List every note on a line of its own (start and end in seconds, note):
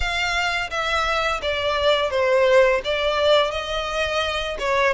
0.00 0.70 F5
0.70 1.41 E5
1.41 2.10 D5
2.10 2.81 C5
2.84 3.51 D5
3.51 4.57 D#5
4.59 4.93 C#5